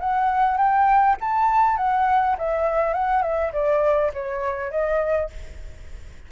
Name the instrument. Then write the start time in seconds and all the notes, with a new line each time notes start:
flute
0.00 F#5
0.57 G5
1.21 A5
1.77 F#5
2.38 E5
2.93 F#5
3.22 E5
3.53 D5
4.14 C#5
4.71 D#5